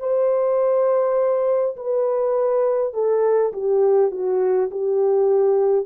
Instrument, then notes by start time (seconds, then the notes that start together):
horn
0.00 C5
1.77 B4
2.94 A4
3.53 G4
4.12 F#4
4.71 G4